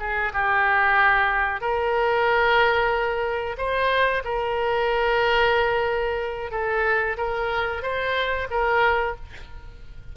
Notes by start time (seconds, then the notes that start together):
0.00 G#4
0.33 G4
1.61 A#4
3.58 C5
4.25 A#4
6.52 A4
7.18 A#4
7.83 C5
8.51 A#4